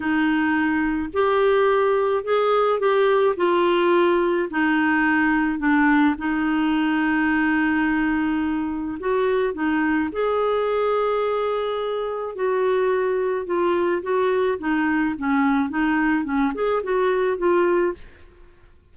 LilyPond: \new Staff \with { instrumentName = "clarinet" } { \time 4/4 \tempo 4 = 107 dis'2 g'2 | gis'4 g'4 f'2 | dis'2 d'4 dis'4~ | dis'1 |
fis'4 dis'4 gis'2~ | gis'2 fis'2 | f'4 fis'4 dis'4 cis'4 | dis'4 cis'8 gis'8 fis'4 f'4 | }